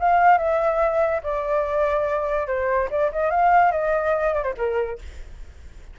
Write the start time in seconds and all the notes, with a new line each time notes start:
0.00 F5
0.38 E5
1.23 D5
2.47 C5
2.91 D5
3.12 D#5
3.30 F5
3.72 D#5
4.34 D5
4.43 C5
4.57 A#4